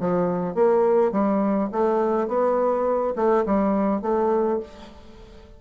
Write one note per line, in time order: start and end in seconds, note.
0.00 0.55 F3
0.55 1.12 A#3
1.12 1.70 G3
1.72 2.28 A3
2.28 3.14 B3
3.16 3.45 A3
3.46 4.02 G3
4.02 4.60 A3